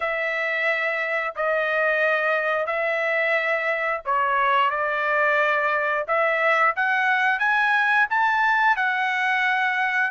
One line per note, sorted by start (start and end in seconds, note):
0.00 1.34 E5
1.35 2.66 D#5
2.66 4.01 E5
4.05 4.70 C#5
4.70 6.05 D5
6.07 6.74 E5
6.76 7.39 F#5
7.39 8.06 G#5
8.09 8.76 A5
8.76 10.10 F#5